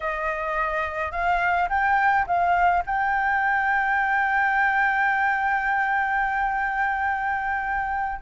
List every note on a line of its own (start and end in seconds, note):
0.00 1.11 D#5
1.11 1.68 F5
1.69 2.25 G5
2.26 2.83 F5
2.86 8.21 G5